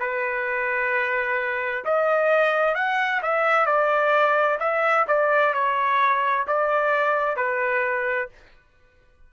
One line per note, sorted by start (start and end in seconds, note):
0.00 1.85 B4
1.85 2.75 D#5
2.75 3.21 F#5
3.23 3.67 E5
3.67 4.59 D5
4.60 5.06 E5
5.08 5.54 D5
5.54 6.47 C#5
6.48 7.37 D5
7.37 8.30 B4